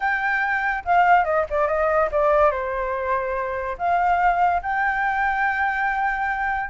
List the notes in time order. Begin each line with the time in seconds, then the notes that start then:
0.00 G5
0.84 F5
1.24 D#5
1.50 D5
1.67 D#5
2.11 D5
2.51 C5
3.78 F5
4.62 G5